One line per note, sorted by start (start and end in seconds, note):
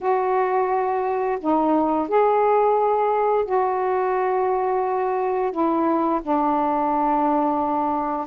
0.00 1.38 F#4
1.40 2.08 D#4
2.08 3.45 G#4
3.45 5.51 F#4
5.51 6.20 E4
6.22 8.26 D4